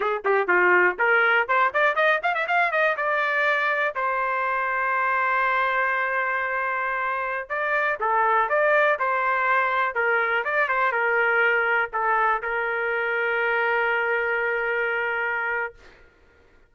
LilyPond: \new Staff \with { instrumentName = "trumpet" } { \time 4/4 \tempo 4 = 122 gis'8 g'8 f'4 ais'4 c''8 d''8 | dis''8 f''16 e''16 f''8 dis''8 d''2 | c''1~ | c''2.~ c''16 d''8.~ |
d''16 a'4 d''4 c''4.~ c''16~ | c''16 ais'4 d''8 c''8 ais'4.~ ais'16~ | ais'16 a'4 ais'2~ ais'8.~ | ais'1 | }